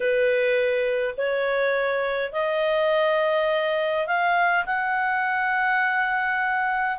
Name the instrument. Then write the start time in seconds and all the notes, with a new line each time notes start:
clarinet
0.00 B4
1.17 C#5
2.32 D#5
4.06 F5
4.65 F#5